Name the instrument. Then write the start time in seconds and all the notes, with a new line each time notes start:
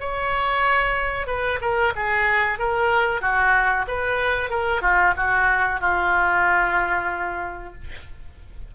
oboe
0.00 C#5
1.27 B4
1.61 A#4
1.95 G#4
2.58 A#4
3.21 F#4
3.87 B4
4.50 A#4
4.82 F4
5.16 F#4
5.80 F4